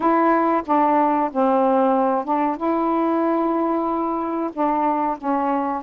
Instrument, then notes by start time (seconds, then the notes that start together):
saxophone
0.00 E4
0.65 D4
1.32 C4
2.24 D4
2.56 E4
4.52 D4
5.17 C#4